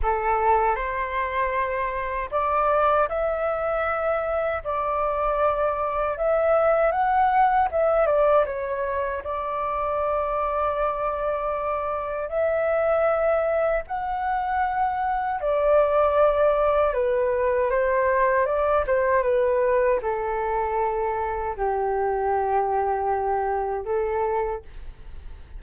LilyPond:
\new Staff \with { instrumentName = "flute" } { \time 4/4 \tempo 4 = 78 a'4 c''2 d''4 | e''2 d''2 | e''4 fis''4 e''8 d''8 cis''4 | d''1 |
e''2 fis''2 | d''2 b'4 c''4 | d''8 c''8 b'4 a'2 | g'2. a'4 | }